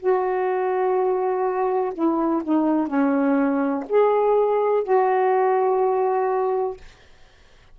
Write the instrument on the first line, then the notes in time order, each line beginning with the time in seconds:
saxophone
0.00 F#4
1.94 E4
2.44 D#4
2.88 C#4
3.89 G#4
4.84 F#4